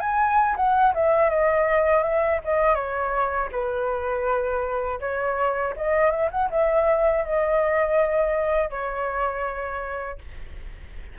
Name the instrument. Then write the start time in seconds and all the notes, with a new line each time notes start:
flute
0.00 G#5
0.56 F#5
0.94 E5
1.30 D#5
2.03 E5
2.44 D#5
2.74 C#5
3.51 B4
5.00 C#5
5.76 D#5
6.11 E5
6.31 F#5
6.50 E5
7.25 D#5
8.70 C#5